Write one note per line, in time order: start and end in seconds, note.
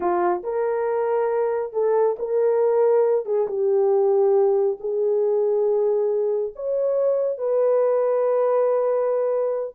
0.00 0.42 F4
0.43 1.72 A#4
1.72 2.16 A4
2.18 3.25 A#4
3.25 3.47 G#4
3.47 4.78 G4
4.79 6.53 G#4
6.55 7.38 C#5
7.38 9.74 B4